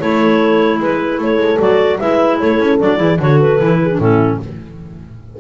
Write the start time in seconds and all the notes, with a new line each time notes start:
0.00 A3 E4 A4 C#5
0.80 G#3 B4
1.19 A3 A4 C#5
1.38 G#3
1.59 F#3 F#4 D5
1.99 G#3 E4 B4 E5
2.40 A3 A4 C#5
2.60 C#4
2.80 F#3 D4 D5
2.97 E3 E4 G#4
3.20 D3 F#4 A4 C#5
3.41 B4
3.60 E3 E4
3.83 G#4
3.92 D4
3.99 A2 C#4 E4 A4